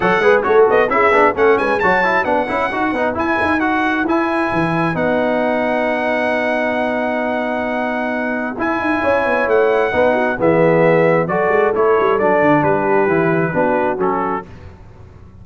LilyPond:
<<
  \new Staff \with { instrumentName = "trumpet" } { \time 4/4 \tempo 4 = 133 fis''4 cis''8 dis''8 e''4 fis''8 gis''8 | a''4 fis''2 gis''4 | fis''4 gis''2 fis''4~ | fis''1~ |
fis''2. gis''4~ | gis''4 fis''2 e''4~ | e''4 d''4 cis''4 d''4 | b'2. a'4 | }
  \new Staff \with { instrumentName = "horn" } { \time 4/4 cis''8 b'8 a'4 gis'4 a'8 b'8 | cis''4 b'2.~ | b'1~ | b'1~ |
b'1 | cis''2 b'8 fis'8 gis'4~ | gis'4 a'2. | g'2 fis'2 | }
  \new Staff \with { instrumentName = "trombone" } { \time 4/4 a'8 gis'8 fis'4 e'8 d'8 cis'4 | fis'8 e'8 d'8 e'8 fis'8 dis'8 e'4 | fis'4 e'2 dis'4~ | dis'1~ |
dis'2. e'4~ | e'2 dis'4 b4~ | b4 fis'4 e'4 d'4~ | d'4 e'4 d'4 cis'4 | }
  \new Staff \with { instrumentName = "tuba" } { \time 4/4 fis8 gis8 a8 b8 cis'8 b8 a8 gis8 | fis4 b8 cis'8 dis'8 b8 e'8 dis'8~ | dis'4 e'4 e4 b4~ | b1~ |
b2. e'8 dis'8 | cis'8 b8 a4 b4 e4~ | e4 fis8 gis8 a8 g8 fis8 d8 | g4 e4 b4 fis4 | }
>>